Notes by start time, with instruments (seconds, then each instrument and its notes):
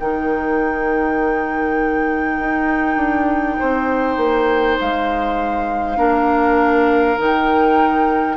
0.00 bassoon D#3, clarinet D#4, oboe A#4, flute G5
2.40 bassoon D#4
2.96 bassoon D4
3.59 bassoon C4, oboe C5
4.17 bassoon A#3
4.80 bassoon G#3, flute F5
5.97 bassoon A#3, clarinet D4, oboe A#4
7.18 bassoon D#3, clarinet D#4, flute G5